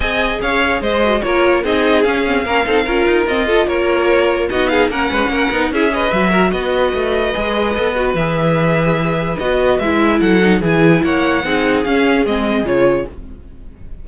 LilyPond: <<
  \new Staff \with { instrumentName = "violin" } { \time 4/4 \tempo 4 = 147 gis''4 f''4 dis''4 cis''4 | dis''4 f''2. | dis''4 cis''2 dis''8 f''8 | fis''2 e''8 dis''8 e''4 |
dis''1 | e''2. dis''4 | e''4 fis''4 gis''4 fis''4~ | fis''4 f''4 dis''4 cis''4 | }
  \new Staff \with { instrumentName = "violin" } { \time 4/4 dis''4 cis''4 c''4 ais'4 | gis'2 ais'8 a'8 ais'4~ | ais'8 a'8 ais'2 fis'8 gis'8 | ais'8 b'8 ais'4 gis'8 b'4 ais'8 |
b'1~ | b'1~ | b'4 a'4 gis'4 cis''4 | gis'1 | }
  \new Staff \with { instrumentName = "viola" } { \time 4/4 gis'2~ gis'8 fis'8 f'4 | dis'4 cis'8 c'8 cis'8 dis'8 f'4 | c'8 f'2~ f'8 dis'4 | cis'4. dis'8 e'8 gis'8 fis'4~ |
fis'2 gis'4 a'8 fis'8 | gis'2. fis'4 | e'4. dis'8 e'2 | dis'4 cis'4 c'4 f'4 | }
  \new Staff \with { instrumentName = "cello" } { \time 4/4 c'4 cis'4 gis4 ais4 | c'4 cis'4 ais8 c'8 cis'8 dis'8 | f'4 ais2 b4 | ais8 gis8 ais8 b8 cis'4 fis4 |
b4 a4 gis4 b4 | e2. b4 | gis4 fis4 e4 ais4 | c'4 cis'4 gis4 cis4 | }
>>